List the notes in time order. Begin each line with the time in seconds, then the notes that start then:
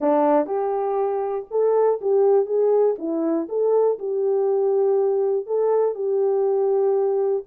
0.00 D4
0.46 G4
1.50 A4
2.01 G4
2.46 G#4
2.98 E4
3.48 A4
3.98 G4
5.46 A4
5.95 G4